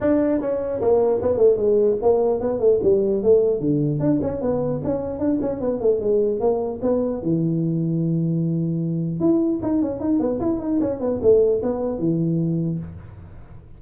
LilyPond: \new Staff \with { instrumentName = "tuba" } { \time 4/4 \tempo 4 = 150 d'4 cis'4 ais4 b8 a8 | gis4 ais4 b8 a8 g4 | a4 d4 d'8 cis'8 b4 | cis'4 d'8 cis'8 b8 a8 gis4 |
ais4 b4 e2~ | e2. e'4 | dis'8 cis'8 dis'8 b8 e'8 dis'8 cis'8 b8 | a4 b4 e2 | }